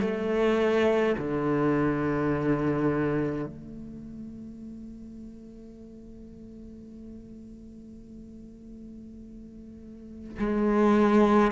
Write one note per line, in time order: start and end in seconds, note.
0.00 1.15 A3
1.17 3.46 D3
3.46 10.38 A3
10.38 11.51 G#3